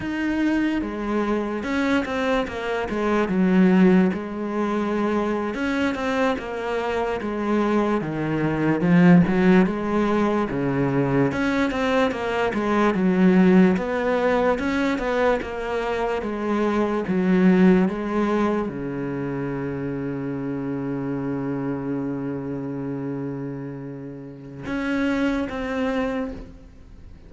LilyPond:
\new Staff \with { instrumentName = "cello" } { \time 4/4 \tempo 4 = 73 dis'4 gis4 cis'8 c'8 ais8 gis8 | fis4 gis4.~ gis16 cis'8 c'8 ais16~ | ais8. gis4 dis4 f8 fis8 gis16~ | gis8. cis4 cis'8 c'8 ais8 gis8 fis16~ |
fis8. b4 cis'8 b8 ais4 gis16~ | gis8. fis4 gis4 cis4~ cis16~ | cis1~ | cis2 cis'4 c'4 | }